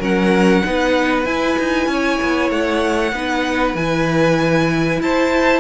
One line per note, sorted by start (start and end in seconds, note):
0.00 0.62 F#3
0.00 0.63 C#4
0.00 0.63 A#4
0.00 1.25 F#5
0.64 1.26 B3
0.64 1.25 D#4
0.64 1.91 B4
1.25 3.12 E4
1.25 1.57 E4
1.25 2.50 G#5
1.59 1.87 D#4
1.87 2.18 C#4
1.87 3.14 C#5
2.22 2.50 B3
2.50 3.12 A3
2.50 3.76 F#5
3.12 3.74 B3
3.12 3.77 D#4
3.12 5.01 B4
3.74 4.99 E3
3.74 5.60 E4
3.74 5.01 G#5
5.00 5.60 E4
5.00 5.60 C5
5.00 5.60 A5